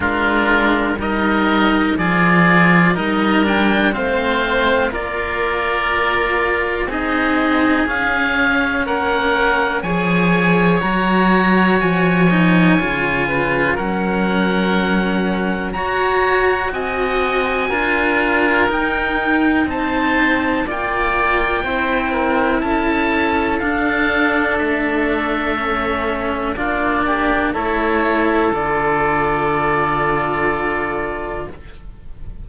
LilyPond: <<
  \new Staff \with { instrumentName = "oboe" } { \time 4/4 \tempo 4 = 61 ais'4 dis''4 d''4 dis''8 g''8 | f''4 d''2 dis''4 | f''4 fis''4 gis''4 ais''4 | gis''2 fis''2 |
ais''4 gis''2 g''4 | a''4 g''2 a''4 | f''4 e''2 d''4 | cis''4 d''2. | }
  \new Staff \with { instrumentName = "oboe" } { \time 4/4 f'4 ais'4 gis'4 ais'4 | c''4 ais'2 gis'4~ | gis'4 ais'4 cis''2~ | cis''4. b'8 ais'2 |
cis''4 dis''4 ais'2 | c''4 d''4 c''8 ais'8 a'4~ | a'2. f'8 g'8 | a'1 | }
  \new Staff \with { instrumentName = "cello" } { \time 4/4 d'4 dis'4 f'4 dis'8 d'8 | c'4 f'2 dis'4 | cis'2 gis'4 fis'4~ | fis'8 dis'8 f'4 cis'2 |
fis'2 f'4 dis'4~ | dis'4 f'4 e'2 | d'2 cis'4 d'4 | e'4 f'2. | }
  \new Staff \with { instrumentName = "cello" } { \time 4/4 gis4 g4 f4 g4 | a4 ais2 c'4 | cis'4 ais4 f4 fis4 | f4 cis4 fis2 |
fis'4 c'4 d'4 dis'4 | c'4 ais4 c'4 cis'4 | d'4 a2 ais4 | a4 d2. | }
>>